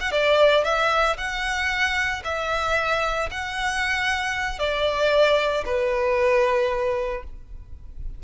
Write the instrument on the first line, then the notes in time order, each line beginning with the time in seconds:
violin
0.00 F#5
0.11 D5
0.64 E5
1.17 F#5
2.24 E5
3.31 F#5
4.59 D5
5.65 B4